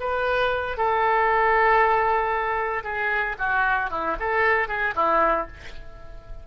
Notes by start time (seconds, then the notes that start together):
0.00 B4
0.77 A4
2.84 G#4
3.38 F#4
3.90 E4
4.20 A4
4.68 G#4
4.95 E4